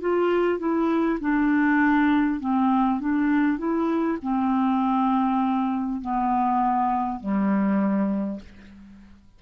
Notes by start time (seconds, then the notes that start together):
0.00 F4
0.58 E4
1.20 D4
2.39 C4
2.99 D4
3.58 E4
4.22 C4
6.01 B3
7.20 G3